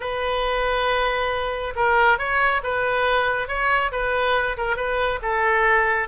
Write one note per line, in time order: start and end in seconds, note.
0.00 1.74 B4
1.75 2.18 A#4
2.18 2.61 C#5
2.63 3.47 B4
3.47 3.91 C#5
3.91 4.56 B4
4.57 4.76 A#4
4.76 5.19 B4
5.22 6.08 A4